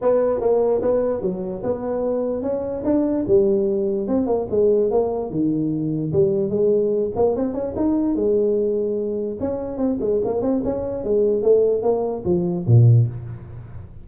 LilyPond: \new Staff \with { instrumentName = "tuba" } { \time 4/4 \tempo 4 = 147 b4 ais4 b4 fis4 | b2 cis'4 d'4 | g2 c'8 ais8 gis4 | ais4 dis2 g4 |
gis4. ais8 c'8 cis'8 dis'4 | gis2. cis'4 | c'8 gis8 ais8 c'8 cis'4 gis4 | a4 ais4 f4 ais,4 | }